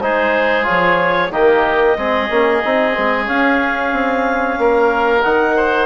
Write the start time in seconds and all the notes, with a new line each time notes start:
0.00 G#3 D#4 G#4 C5
0.63 F3 F4 C#5
1.30 D#3 A#3 G4 D#5
1.96 G#3 C4 G#4
2.29 A#3 C#4
2.64 C4 D#4
2.92 G#3 C4
3.25 C#4 F5
3.92 C4
4.58 A#3 A#4
5.22 D#3 D#4 F#5
5.56 C5